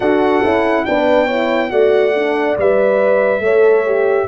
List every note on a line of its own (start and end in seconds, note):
0.00 0.42 D4
0.00 0.43 F#4
0.00 0.85 A4
0.00 0.84 F#5
0.43 0.86 C#4
0.43 0.86 E4
0.84 1.71 B3
0.84 1.29 D4
0.84 1.25 B4
0.84 1.70 G5
1.25 1.69 E4
1.25 1.68 C#5
1.69 2.57 A3
1.69 2.12 F#4
1.69 3.43 D5
1.69 2.56 F#5
2.14 2.57 D4
2.57 3.39 G3
2.57 3.43 B4
2.57 4.28 E5
3.39 4.25 A3
3.39 3.86 A4
3.39 4.28 C#5
3.86 4.28 G4